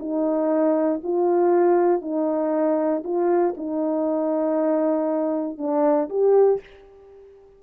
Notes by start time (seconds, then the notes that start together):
0.00 D#4
1.04 F4
2.02 D#4
3.04 F4
3.57 D#4
5.58 D4
6.10 G4